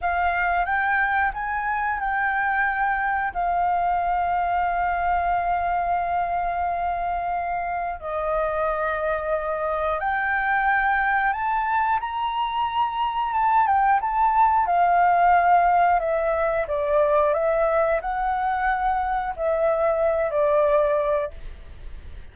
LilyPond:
\new Staff \with { instrumentName = "flute" } { \time 4/4 \tempo 4 = 90 f''4 g''4 gis''4 g''4~ | g''4 f''2.~ | f''1 | dis''2. g''4~ |
g''4 a''4 ais''2 | a''8 g''8 a''4 f''2 | e''4 d''4 e''4 fis''4~ | fis''4 e''4. d''4. | }